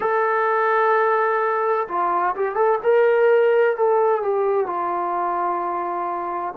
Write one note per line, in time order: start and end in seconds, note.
0.00 1.87 A4
1.87 2.34 F4
2.35 2.55 G4
2.55 2.78 A4
2.83 3.76 A#4
3.76 4.22 A4
4.22 4.66 G4
4.66 6.54 F4